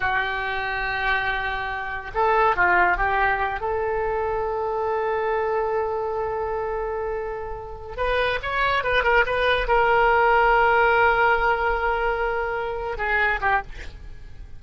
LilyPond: \new Staff \with { instrumentName = "oboe" } { \time 4/4 \tempo 4 = 141 g'1~ | g'4 a'4 f'4 g'4~ | g'8 a'2.~ a'8~ | a'1~ |
a'2~ a'8. b'4 cis''16~ | cis''8. b'8 ais'8 b'4 ais'4~ ais'16~ | ais'1~ | ais'2~ ais'8 gis'4 g'8 | }